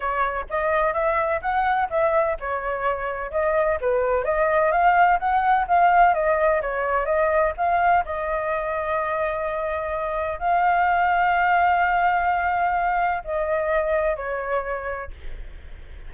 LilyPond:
\new Staff \with { instrumentName = "flute" } { \time 4/4 \tempo 4 = 127 cis''4 dis''4 e''4 fis''4 | e''4 cis''2 dis''4 | b'4 dis''4 f''4 fis''4 | f''4 dis''4 cis''4 dis''4 |
f''4 dis''2.~ | dis''2 f''2~ | f''1 | dis''2 cis''2 | }